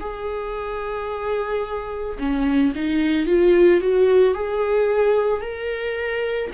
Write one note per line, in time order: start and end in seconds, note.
0.00 2.18 G#4
2.19 2.73 C#4
2.75 3.26 D#4
3.26 3.81 F4
3.81 4.34 F#4
4.34 5.41 G#4
5.41 6.51 A#4